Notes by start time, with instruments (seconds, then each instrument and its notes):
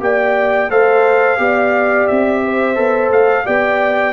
0.00 tuba A#3, trombone G4, horn D5, trumpet G5
0.70 tuba A3, trombone A4, horn C5, trumpet F5
1.38 tuba B3, trombone G4, horn D5
2.07 tuba C4, trumpet E5
2.44 horn C5
2.75 tuba B3, trombone A4
3.10 tuba A3, trumpet F5
3.45 tuba B3, trombone G4, horn D5, trumpet G5